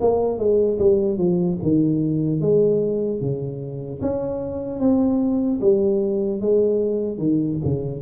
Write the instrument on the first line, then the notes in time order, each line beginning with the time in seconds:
tuba
0.00 A#3
0.38 G#3
0.78 G3
1.17 F3
1.62 D#3
2.40 G#3
3.20 C#3
4.01 C#4
4.79 C4
5.60 G3
6.40 G#3
7.18 D#3
7.64 C#3